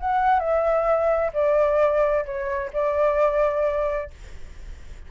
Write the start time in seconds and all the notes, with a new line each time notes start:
0.00 F#5
0.39 E5
1.33 D5
2.25 C#5
2.73 D5